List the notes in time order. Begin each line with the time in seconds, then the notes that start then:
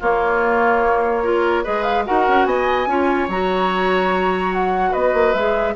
0.00 A#3 F4 C#5
1.23 F4 A#4
1.63 G#3 G#4 B4 D#5
1.83 F5
2.06 D#4 F#4 A#4 F#5
2.28 C#4
2.46 B3 D#5 G#5
2.87 C#4 F4 C#5
3.28 F#3 F#4 A#5
4.53 F#5
4.91 B3 B4 D#5
5.14 A#3
5.34 G#3 G#4 E5